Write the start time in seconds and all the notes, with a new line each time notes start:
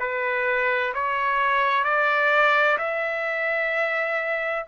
0.00 B4
0.95 C#5
1.85 D5
2.79 E5